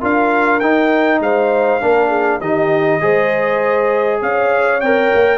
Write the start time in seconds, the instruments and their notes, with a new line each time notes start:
0.00 tuba D4, trombone F4, horn A#4, trumpet F5
0.60 tuba D#4, trombone D#4, trumpet G5
1.20 tuba G#3, horn C5, trumpet F5
1.81 tuba A#3, trombone D4, horn A#4
2.09 horn G#4
2.41 tuba D#3, trombone D#4, horn G4, trumpet D#5
3.01 tuba G#3, trombone G#4, horn C5
4.22 tuba C#4, horn C#5, trumpet F5
4.81 tuba C4, trombone A#4, trumpet G5
5.14 tuba A#3